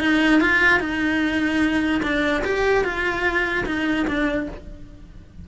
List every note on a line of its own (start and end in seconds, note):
0.00 0.41 D#4
0.41 0.80 F4
0.80 2.02 D#4
2.03 2.43 D4
2.44 2.84 G4
2.84 3.65 F4
3.66 4.06 D#4
4.07 4.48 D4